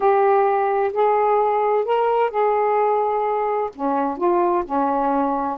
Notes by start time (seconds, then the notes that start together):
0.00 G4
0.93 G#4
1.85 A#4
2.30 G#4
3.75 C#4
4.17 F4
4.65 C#4